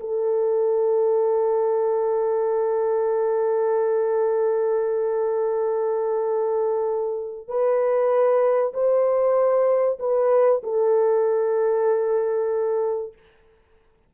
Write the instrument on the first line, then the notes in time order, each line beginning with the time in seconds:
horn
0.00 A4
7.48 B4
8.74 C5
9.99 B4
10.63 A4